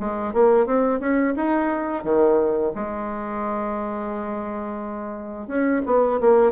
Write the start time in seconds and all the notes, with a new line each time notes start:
0.00 G#3
0.33 A#3
0.66 C4
1.00 C#4
1.36 D#4
2.04 D#3
2.75 G#3
5.47 C#4
5.86 B3
6.21 A#3